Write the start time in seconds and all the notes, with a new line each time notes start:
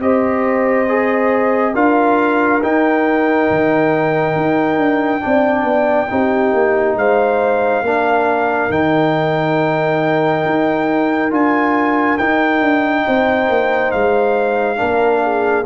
0.00 C4 G4 C5 D#5
0.89 G#4
1.74 D4 F4 A#4 F5
2.63 D#4 G5
3.50 D#3
4.36 D#4
4.78 D4
5.20 C4 D4 D5
5.64 B3
6.11 C4 D#4 G4
6.53 A#3
6.97 G#3 C5 F5
7.82 A#3 D4 A#4
8.70 D#3 D#4 G5
10.46 D#4
11.31 D4 F4 G#5
12.18 D#4 G5
12.61 D4
13.07 C4 C5
13.49 A#3
13.92 G#3 F5
14.77 A#3 D4 A#4
15.23 G#4